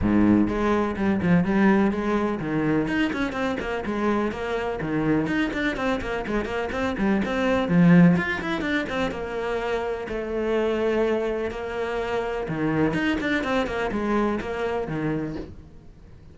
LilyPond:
\new Staff \with { instrumentName = "cello" } { \time 4/4 \tempo 4 = 125 gis,4 gis4 g8 f8 g4 | gis4 dis4 dis'8 cis'8 c'8 ais8 | gis4 ais4 dis4 dis'8 d'8 | c'8 ais8 gis8 ais8 c'8 g8 c'4 |
f4 f'8 e'8 d'8 c'8 ais4~ | ais4 a2. | ais2 dis4 dis'8 d'8 | c'8 ais8 gis4 ais4 dis4 | }